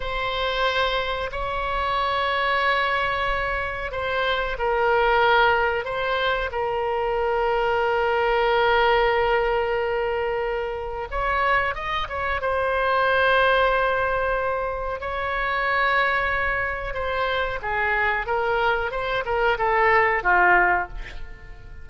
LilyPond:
\new Staff \with { instrumentName = "oboe" } { \time 4/4 \tempo 4 = 92 c''2 cis''2~ | cis''2 c''4 ais'4~ | ais'4 c''4 ais'2~ | ais'1~ |
ais'4 cis''4 dis''8 cis''8 c''4~ | c''2. cis''4~ | cis''2 c''4 gis'4 | ais'4 c''8 ais'8 a'4 f'4 | }